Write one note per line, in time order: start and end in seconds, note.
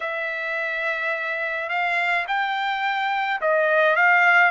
0.00 1.69 E5
1.69 2.25 F5
2.27 3.40 G5
3.41 3.96 D#5
3.96 4.51 F5